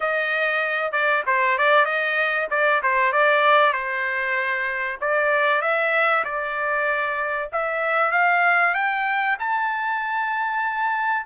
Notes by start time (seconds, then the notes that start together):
0.00 D#5
0.91 D5
1.26 C5
1.58 D5
1.85 D#5
2.50 D5
2.82 C5
3.12 D5
3.72 C5
5.00 D5
5.61 E5
6.24 D5
7.52 E5
8.11 F5
8.74 G5
9.39 A5